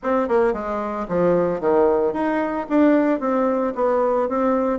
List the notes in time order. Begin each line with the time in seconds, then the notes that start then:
0.03 C4
0.28 A#3
0.53 G#3
1.08 F3
1.60 D#3
2.13 D#4
2.69 D4
3.20 C4
3.75 B3
4.29 C4